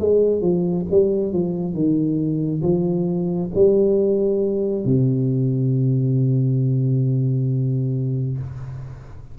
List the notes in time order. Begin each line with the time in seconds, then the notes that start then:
0.00 G#3
0.41 F3
0.91 G3
1.33 F3
1.74 D#3
2.62 F3
3.55 G3
4.85 C3